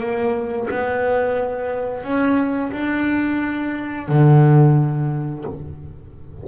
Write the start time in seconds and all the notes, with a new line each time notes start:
0.00 A#3
0.70 B3
2.04 C#4
2.72 D4
4.09 D3